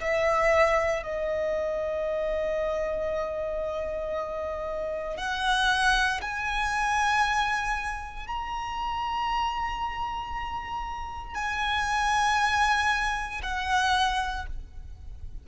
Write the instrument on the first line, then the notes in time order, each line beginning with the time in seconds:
violin
0.00 E5
1.03 D#5
5.17 F#5
6.21 G#5
8.27 A#5
11.34 G#5
13.42 F#5